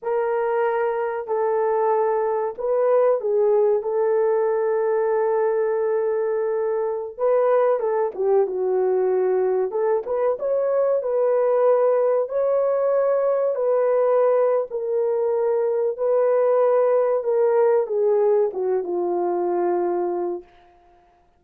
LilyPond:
\new Staff \with { instrumentName = "horn" } { \time 4/4 \tempo 4 = 94 ais'2 a'2 | b'4 gis'4 a'2~ | a'2.~ a'16 b'8.~ | b'16 a'8 g'8 fis'2 a'8 b'16~ |
b'16 cis''4 b'2 cis''8.~ | cis''4~ cis''16 b'4.~ b'16 ais'4~ | ais'4 b'2 ais'4 | gis'4 fis'8 f'2~ f'8 | }